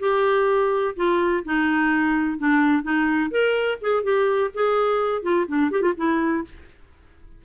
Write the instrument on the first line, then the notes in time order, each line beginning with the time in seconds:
clarinet
0.00 G4
0.96 F4
1.45 D#4
2.39 D4
2.83 D#4
3.31 A#4
3.82 G#4
4.03 G4
4.54 G#4
5.23 F4
5.48 D4
5.72 G4
5.82 F4
5.97 E4